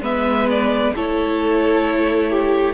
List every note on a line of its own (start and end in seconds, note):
0.00 0.91 G#3
0.00 0.94 B3
0.00 0.93 B4
0.00 0.49 E5
0.49 0.95 D5
0.95 2.73 A3
0.95 2.73 E4
0.95 2.30 A4
0.95 2.73 C#5
2.30 2.73 G4